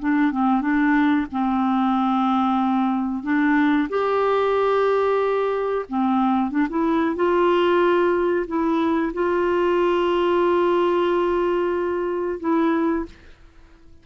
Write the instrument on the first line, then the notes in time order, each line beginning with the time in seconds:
clarinet
0.00 D4
0.32 C4
0.62 D4
1.32 C4
3.24 D4
3.90 G4
5.89 C4
6.51 D4
6.70 E4
7.16 F4
8.48 E4
9.14 F4
12.40 E4